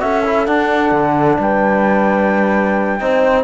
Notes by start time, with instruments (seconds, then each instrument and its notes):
0.00 cello C#4, trombone F#4, horn A4, flute E5
0.25 trombone E4
0.46 trombone D4, cello D4, flute F#5
0.92 cello D3
1.39 cello G3, horn B4, flute G5
3.00 cello C4, trombone D#4, horn C5